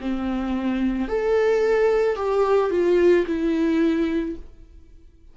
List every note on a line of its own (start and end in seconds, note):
0.00 1.08 C4
1.08 2.16 A4
2.16 2.70 G4
2.70 3.25 F4
3.26 4.35 E4